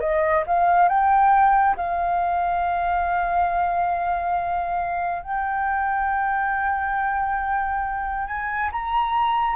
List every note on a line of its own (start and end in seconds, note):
0.00 0.43 D#5
0.47 0.89 F5
0.89 1.76 G5
1.76 5.23 F5
5.23 8.27 G5
8.27 8.70 G#5
8.72 9.56 A#5